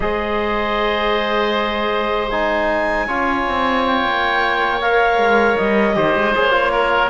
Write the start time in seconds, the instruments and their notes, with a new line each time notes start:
0.00 cello G#3, trombone G#4, oboe C5, clarinet D#5
2.30 trombone D#4, clarinet G#5
3.07 cello C#4, trombone F4, oboe C#5
3.48 cello C4
3.86 clarinet G5
4.05 cello A#3
4.81 trombone A#4, clarinet F5
5.17 cello G#3
5.57 cello G3, clarinet D#5
5.94 cello D#3, trombone G4, oboe C5
6.14 cello G#3
6.35 cello A#3, trombone G#4, clarinet C#5
6.51 trombone F4
6.72 oboe A#4